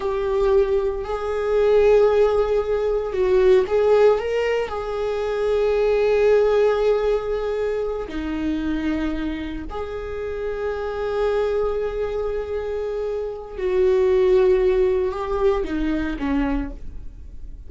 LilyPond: \new Staff \with { instrumentName = "viola" } { \time 4/4 \tempo 4 = 115 g'2 gis'2~ | gis'2 fis'4 gis'4 | ais'4 gis'2.~ | gis'2.~ gis'8 dis'8~ |
dis'2~ dis'8 gis'4.~ | gis'1~ | gis'2 fis'2~ | fis'4 g'4 dis'4 cis'4 | }